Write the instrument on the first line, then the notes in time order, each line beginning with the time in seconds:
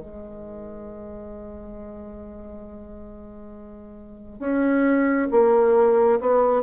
bassoon
0.00 G#3
4.39 C#4
5.31 A#3
6.20 B3